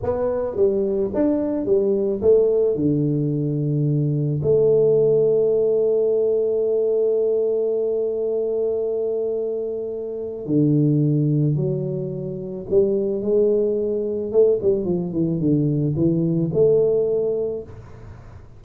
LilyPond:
\new Staff \with { instrumentName = "tuba" } { \time 4/4 \tempo 4 = 109 b4 g4 d'4 g4 | a4 d2. | a1~ | a1~ |
a2. d4~ | d4 fis2 g4 | gis2 a8 g8 f8 e8 | d4 e4 a2 | }